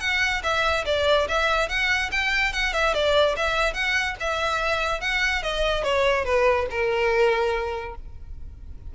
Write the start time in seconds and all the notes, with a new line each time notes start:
0.00 F#5
0.43 E5
0.86 D5
1.28 E5
1.69 F#5
2.11 G5
2.53 F#5
2.73 E5
2.94 D5
3.36 E5
3.74 F#5
4.20 E5
5.01 F#5
5.43 D#5
5.83 C#5
6.25 B4
6.70 A#4